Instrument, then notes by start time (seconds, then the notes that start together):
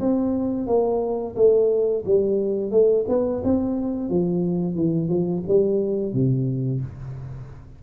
tuba
0.00 C4
0.67 A#3
1.36 A3
2.05 G3
2.71 A3
3.09 B3
3.44 C4
4.10 F3
4.75 E3
5.09 F3
5.48 G3
6.13 C3